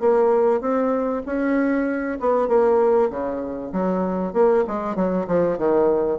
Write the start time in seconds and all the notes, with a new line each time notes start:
0.00 A#3
0.61 C4
1.26 C#4
2.20 B3
2.48 A#3
3.10 C#3
3.73 F#3
4.33 A#3
4.67 G#3
4.96 F#3
5.27 F3
5.58 D#3